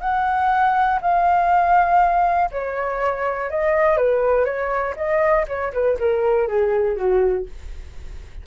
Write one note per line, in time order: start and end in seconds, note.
0.00 0.99 F#5
1.01 2.50 F5
2.51 3.50 C#5
3.50 3.97 D#5
3.97 4.45 B4
4.45 4.94 C#5
4.96 5.46 D#5
5.47 5.72 C#5
5.72 5.97 B4
5.99 6.48 A#4
6.48 6.96 G#4
6.96 7.46 F#4